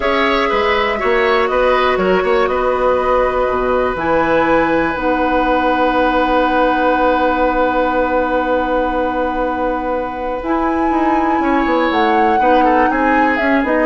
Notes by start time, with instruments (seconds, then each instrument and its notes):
0.00 bassoon C#4, clarinet G#4, oboe C#5, flute E5
0.49 bassoon G#3, oboe B4
0.97 bassoon A#3, clarinet F#4, oboe C#5
1.47 bassoon B3, oboe B4, flute D#5
1.97 bassoon F#3, oboe A#4, flute C#5
2.23 bassoon A#3, oboe C#5
2.46 bassoon B3, oboe B4, flute D#5
3.47 bassoon B2
3.94 bassoon E3, clarinet E4, flute G#5
4.94 bassoon B3, clarinet D#4, flute F#5
10.42 bassoon E4, clarinet E4, flute G#5
10.90 bassoon D#4
11.39 bassoon C#4, oboe C#5
11.65 bassoon B3
11.91 bassoon A3, flute F#5
12.39 bassoon B3, clarinet D#4, oboe B4
12.64 oboe A4
12.90 bassoon C4, oboe G#4, flute G#5
13.36 bassoon C#4, clarinet C#4, flute E5
13.63 bassoon B3, clarinet D#4, flute D#5